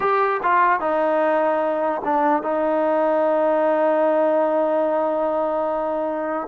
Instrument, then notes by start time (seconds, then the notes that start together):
trombone
0.00 G4
0.42 F4
0.80 D#4
2.04 D4
2.42 D#4